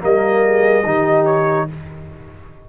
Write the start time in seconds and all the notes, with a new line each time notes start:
0.00 G3 A#3 A#4 D#5
0.44 G#4
0.84 D#3 D#4 G4
1.26 C#5